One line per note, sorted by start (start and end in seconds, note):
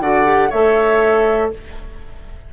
0.00 0.50 D3
0.00 0.25 F#4
0.00 0.50 D5
0.00 0.51 F#5
0.25 0.50 G4
0.50 1.53 A3
0.50 1.53 A4
0.50 1.50 C#5
0.50 1.51 E5